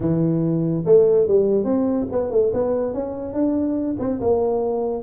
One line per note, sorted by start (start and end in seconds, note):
0.00 0.84 E3
0.85 1.27 A3
1.27 1.64 G3
1.64 2.06 C4
2.11 2.30 B3
2.30 2.51 A3
2.53 2.93 B3
2.93 3.33 C#4
3.33 3.96 D4
3.99 4.20 C4
4.20 5.02 A#3